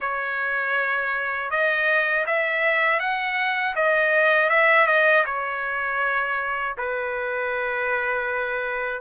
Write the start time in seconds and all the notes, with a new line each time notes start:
0.00 C#5
1.50 D#5
2.26 E5
2.99 F#5
3.75 D#5
4.49 E5
4.86 D#5
5.25 C#5
6.77 B4